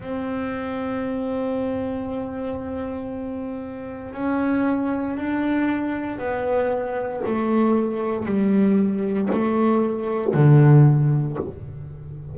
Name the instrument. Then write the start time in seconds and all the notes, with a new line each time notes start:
double bass
0.00 C4
4.13 C#4
5.17 D4
6.18 B3
7.26 A3
8.25 G3
9.32 A3
10.34 D3